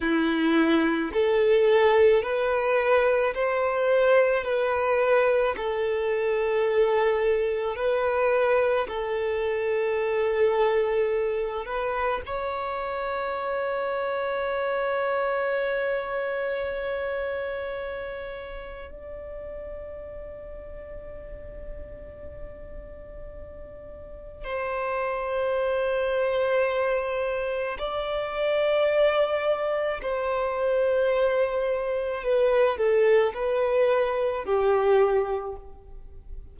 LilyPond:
\new Staff \with { instrumentName = "violin" } { \time 4/4 \tempo 4 = 54 e'4 a'4 b'4 c''4 | b'4 a'2 b'4 | a'2~ a'8 b'8 cis''4~ | cis''1~ |
cis''4 d''2.~ | d''2 c''2~ | c''4 d''2 c''4~ | c''4 b'8 a'8 b'4 g'4 | }